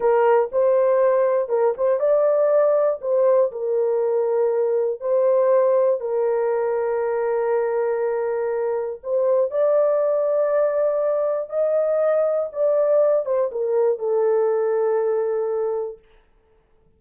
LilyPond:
\new Staff \with { instrumentName = "horn" } { \time 4/4 \tempo 4 = 120 ais'4 c''2 ais'8 c''8 | d''2 c''4 ais'4~ | ais'2 c''2 | ais'1~ |
ais'2 c''4 d''4~ | d''2. dis''4~ | dis''4 d''4. c''8 ais'4 | a'1 | }